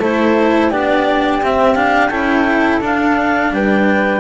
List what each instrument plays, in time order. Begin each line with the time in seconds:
0.00 double bass A3, cello E4, flute A4, clarinet C5
0.71 double bass B3, cello D4, flute G4, clarinet D5
1.41 double bass C4, cello C4, clarinet E5
1.75 cello D4, clarinet F5
2.10 double bass C#4, cello E4, flute A4, clarinet G5
2.81 double bass D4, cello D4, clarinet F5
3.51 double bass G3, flute B4, clarinet G5